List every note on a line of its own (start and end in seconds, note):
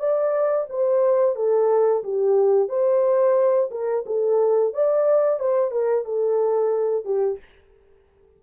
0.00 0.67 D5
0.70 1.36 C5
1.36 2.03 A4
2.04 2.69 G4
2.69 3.70 C5
3.71 4.05 A#4
4.07 4.74 A4
4.74 5.40 D5
5.40 5.72 C5
5.72 6.05 A#4
6.05 7.05 A4
7.05 7.39 G4